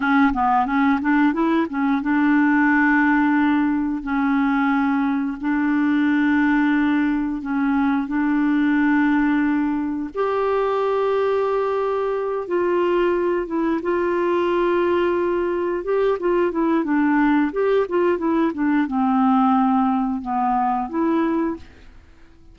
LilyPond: \new Staff \with { instrumentName = "clarinet" } { \time 4/4 \tempo 4 = 89 cis'8 b8 cis'8 d'8 e'8 cis'8 d'4~ | d'2 cis'2 | d'2. cis'4 | d'2. g'4~ |
g'2~ g'8 f'4. | e'8 f'2. g'8 | f'8 e'8 d'4 g'8 f'8 e'8 d'8 | c'2 b4 e'4 | }